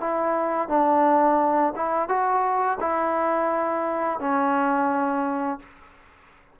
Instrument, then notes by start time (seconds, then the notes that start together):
trombone
0.00 E4
0.68 D4
1.75 E4
2.08 F#4
2.80 E4
4.20 C#4